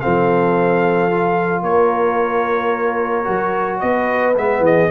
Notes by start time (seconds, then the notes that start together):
0.00 F3 C4 A4 F5
1.11 F4
1.63 A#3 A#4 C#5
3.25 F#3 F#4
3.80 B3 B4 D#5
4.37 G#3 B3 E5
4.61 E3 G#4 D#5